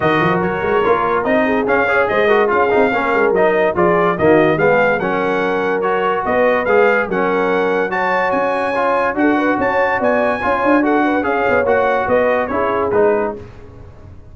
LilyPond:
<<
  \new Staff \with { instrumentName = "trumpet" } { \time 4/4 \tempo 4 = 144 dis''4 cis''2 dis''4 | f''4 dis''4 f''2 | dis''4 d''4 dis''4 f''4 | fis''2 cis''4 dis''4 |
f''4 fis''2 a''4 | gis''2 fis''4 a''4 | gis''2 fis''4 f''4 | fis''4 dis''4 cis''4 b'4 | }
  \new Staff \with { instrumentName = "horn" } { \time 4/4 ais'2.~ ais'8 gis'8~ | gis'8 cis''8 c''8 ais'8 gis'4 ais'4~ | ais'4 gis'4 fis'4 gis'4 | ais'2. b'4~ |
b'4 ais'2 cis''4~ | cis''2 a'8 b'8 cis''4 | d''4 cis''4 a'8 b'8 cis''4~ | cis''4 b'4 gis'2 | }
  \new Staff \with { instrumentName = "trombone" } { \time 4/4 fis'2 f'4 dis'4 | cis'8 gis'4 fis'8 f'8 dis'8 cis'4 | dis'4 f'4 ais4 b4 | cis'2 fis'2 |
gis'4 cis'2 fis'4~ | fis'4 f'4 fis'2~ | fis'4 f'4 fis'4 gis'4 | fis'2 e'4 dis'4 | }
  \new Staff \with { instrumentName = "tuba" } { \time 4/4 dis8 f8 fis8 gis8 ais4 c'4 | cis'4 gis4 cis'8 c'8 ais8 gis8 | fis4 f4 dis4 gis4 | fis2. b4 |
gis4 fis2. | cis'2 d'4 cis'4 | b4 cis'8 d'4. cis'8 b8 | ais4 b4 cis'4 gis4 | }
>>